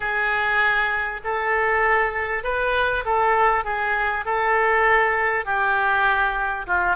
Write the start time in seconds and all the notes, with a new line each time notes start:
0.00 G#4
1.24 A4
2.43 B4
3.05 A4
3.64 G#4
4.25 A4
5.45 G4
6.67 F4